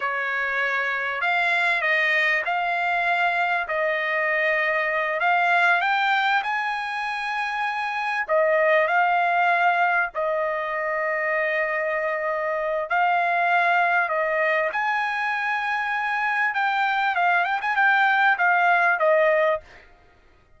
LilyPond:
\new Staff \with { instrumentName = "trumpet" } { \time 4/4 \tempo 4 = 98 cis''2 f''4 dis''4 | f''2 dis''2~ | dis''8 f''4 g''4 gis''4.~ | gis''4. dis''4 f''4.~ |
f''8 dis''2.~ dis''8~ | dis''4 f''2 dis''4 | gis''2. g''4 | f''8 g''16 gis''16 g''4 f''4 dis''4 | }